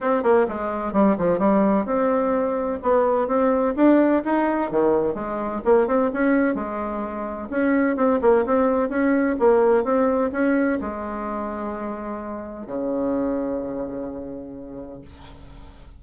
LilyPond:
\new Staff \with { instrumentName = "bassoon" } { \time 4/4 \tempo 4 = 128 c'8 ais8 gis4 g8 f8 g4 | c'2 b4 c'4 | d'4 dis'4 dis4 gis4 | ais8 c'8 cis'4 gis2 |
cis'4 c'8 ais8 c'4 cis'4 | ais4 c'4 cis'4 gis4~ | gis2. cis4~ | cis1 | }